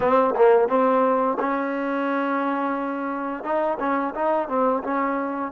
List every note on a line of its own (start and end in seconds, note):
0.00 0.34 C4
0.35 0.68 A#3
0.68 1.37 C4
1.39 3.43 C#4
3.43 3.78 D#4
3.79 4.14 C#4
4.14 4.48 D#4
4.48 4.82 C4
4.83 5.51 C#4